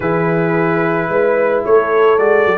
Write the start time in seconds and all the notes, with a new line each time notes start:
0.00 E3 E4 G#4 B4
1.08 G#3 B4
1.64 A3 A4 C#5
2.18 G#3 F#4 D5
2.45 F#3